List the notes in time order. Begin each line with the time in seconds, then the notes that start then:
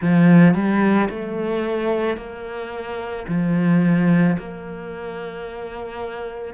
0.01 F3
0.54 G3
1.09 A3
2.17 A#3
3.27 F3
4.38 A#3